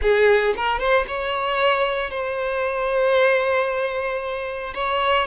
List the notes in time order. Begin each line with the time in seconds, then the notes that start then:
0.01 G#4
0.56 A#4
0.79 C5
1.07 C#5
2.10 C5
4.74 C#5